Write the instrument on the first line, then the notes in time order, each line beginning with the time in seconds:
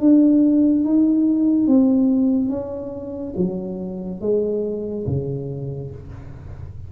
tuba
0.00 D4
0.84 D#4
1.67 C4
2.49 C#4
3.36 F#3
4.21 G#3
5.06 C#3